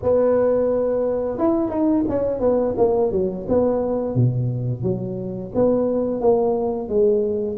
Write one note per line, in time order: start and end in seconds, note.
0.02 1.38 B3
1.38 1.69 E4
1.69 2.03 D#4
2.08 2.40 C#4
2.40 2.74 B3
2.77 3.11 A#3
3.11 3.46 F#3
3.48 4.15 B3
4.15 4.82 B2
4.82 5.51 F#3
5.55 6.20 B3
6.20 6.88 A#3
6.88 7.57 G#3